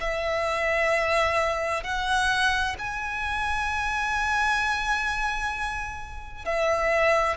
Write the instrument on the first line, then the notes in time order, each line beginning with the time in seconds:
violin
0.00 E5
1.83 F#5
2.79 G#5
6.45 E5